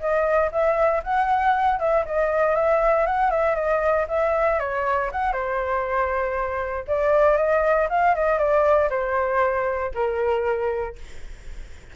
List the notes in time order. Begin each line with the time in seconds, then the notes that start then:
0.00 D#5
0.52 E5
1.04 F#5
1.79 E5
2.05 D#5
2.56 E5
3.06 F#5
3.31 E5
3.55 D#5
4.08 E5
4.60 C#5
5.12 F#5
5.33 C5
6.87 D5
7.37 D#5
7.90 F5
8.15 D#5
8.38 D5
8.90 C5
9.94 A#4